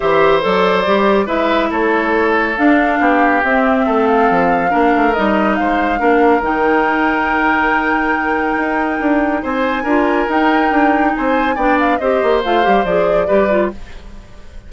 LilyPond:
<<
  \new Staff \with { instrumentName = "flute" } { \time 4/4 \tempo 4 = 140 e''4 d''2 e''4 | cis''2 f''2 | e''4. f''2~ f''8 | dis''4 f''2 g''4~ |
g''1~ | g''2 gis''2 | g''2 gis''4 g''8 f''8 | dis''4 f''4 d''2 | }
  \new Staff \with { instrumentName = "oboe" } { \time 4/4 c''2. b'4 | a'2. g'4~ | g'4 a'2 ais'4~ | ais'4 c''4 ais'2~ |
ais'1~ | ais'2 c''4 ais'4~ | ais'2 c''4 d''4 | c''2. b'4 | }
  \new Staff \with { instrumentName = "clarinet" } { \time 4/4 g'4 a'4 g'4 e'4~ | e'2 d'2 | c'2. d'4 | dis'2 d'4 dis'4~ |
dis'1~ | dis'2. f'4 | dis'2. d'4 | g'4 f'8 g'8 gis'4 g'8 f'8 | }
  \new Staff \with { instrumentName = "bassoon" } { \time 4/4 e4 fis4 g4 gis4 | a2 d'4 b4 | c'4 a4 f4 ais8 a8 | g4 gis4 ais4 dis4~ |
dis1 | dis'4 d'4 c'4 d'4 | dis'4 d'4 c'4 b4 | c'8 ais8 a8 g8 f4 g4 | }
>>